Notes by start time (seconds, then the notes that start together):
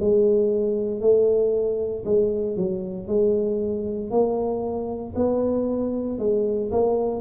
0.00 G#3
1.01 A3
2.05 G#3
2.57 F#3
3.08 G#3
4.11 A#3
5.16 B3
6.19 G#3
6.72 A#3